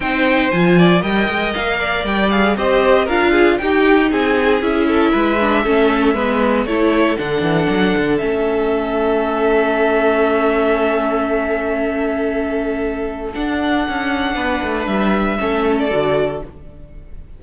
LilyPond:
<<
  \new Staff \with { instrumentName = "violin" } { \time 4/4 \tempo 4 = 117 g''4 gis''4 g''4 f''4 | g''8 f''8 dis''4 f''4 g''4 | gis''4 e''2.~ | e''4 cis''4 fis''2 |
e''1~ | e''1~ | e''2 fis''2~ | fis''4 e''4.~ e''16 d''4~ d''16 | }
  \new Staff \with { instrumentName = "violin" } { \time 4/4 c''4. d''8 dis''4. d''8~ | d''4 c''4 ais'8 gis'8 g'4 | gis'4. a'8 b'4 a'4 | b'4 a'2.~ |
a'1~ | a'1~ | a'1 | b'2 a'2 | }
  \new Staff \with { instrumentName = "viola" } { \time 4/4 dis'4 f'4 ais'2~ | ais'8 gis'8 g'4 f'4 dis'4~ | dis'4 e'4. d'8 cis'4 | b4 e'4 d'2 |
cis'1~ | cis'1~ | cis'2 d'2~ | d'2 cis'4 fis'4 | }
  \new Staff \with { instrumentName = "cello" } { \time 4/4 c'4 f4 g8 gis8 ais4 | g4 c'4 d'4 dis'4 | c'4 cis'4 gis4 a4 | gis4 a4 d8 e8 fis8 d8 |
a1~ | a1~ | a2 d'4 cis'4 | b8 a8 g4 a4 d4 | }
>>